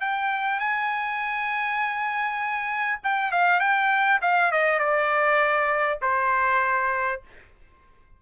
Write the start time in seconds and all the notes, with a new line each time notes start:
0.00 G5
0.59 G#5
3.03 G5
3.31 F5
3.60 G5
4.21 F5
4.51 D#5
4.79 D5
6.01 C5